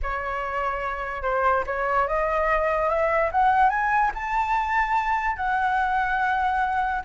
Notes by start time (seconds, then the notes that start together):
0.02 C#5
1.22 C5
1.66 C#5
2.07 D#5
2.89 E5
3.31 F#5
3.69 G#5
4.14 A5
5.36 F#5